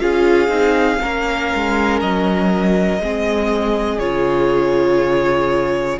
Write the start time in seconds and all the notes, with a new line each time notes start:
0.00 C#4 F4 G#4 F5
0.49 C4 D#4
1.01 A#3 C#4 A#4
1.55 G#3
2.01 F#3 D#5
3.00 G#3 C4 G#4
3.99 C#3 F4 C#5